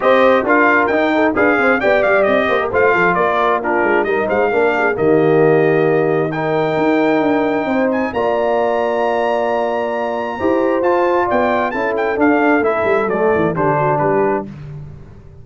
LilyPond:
<<
  \new Staff \with { instrumentName = "trumpet" } { \time 4/4 \tempo 4 = 133 dis''4 f''4 g''4 f''4 | g''8 f''8 dis''4 f''4 d''4 | ais'4 dis''8 f''4. dis''4~ | dis''2 g''2~ |
g''4. gis''8 ais''2~ | ais''1 | a''4 g''4 a''8 g''8 f''4 | e''4 d''4 c''4 b'4 | }
  \new Staff \with { instrumentName = "horn" } { \time 4/4 c''4 ais'4. a'8 b'8 c''8 | d''4. c''16 ais'16 c''8 a'8 ais'4 | f'4 ais'8 c''8 ais'8 gis'8 g'4~ | g'2 ais'2~ |
ais'4 c''4 d''2~ | d''2. c''4~ | c''4 d''4 a'2~ | a'2 g'8 fis'8 g'4 | }
  \new Staff \with { instrumentName = "trombone" } { \time 4/4 g'4 f'4 dis'4 gis'4 | g'2 f'2 | d'4 dis'4 d'4 ais4~ | ais2 dis'2~ |
dis'2 f'2~ | f'2. g'4 | f'2 e'4 d'4 | e'4 a4 d'2 | }
  \new Staff \with { instrumentName = "tuba" } { \time 4/4 c'4 d'4 dis'4 d'8 c'8 | b8 g8 c'8 ais8 a8 f8 ais4~ | ais8 gis8 g8 gis8 ais4 dis4~ | dis2. dis'4 |
d'4 c'4 ais2~ | ais2. e'4 | f'4 b4 cis'4 d'4 | a8 g8 fis8 e8 d4 g4 | }
>>